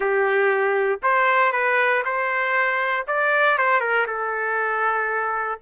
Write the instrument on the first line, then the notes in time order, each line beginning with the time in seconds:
trumpet
0.00 G4
1.02 C5
1.52 B4
2.04 C5
3.07 D5
3.58 C5
3.80 A#4
4.06 A4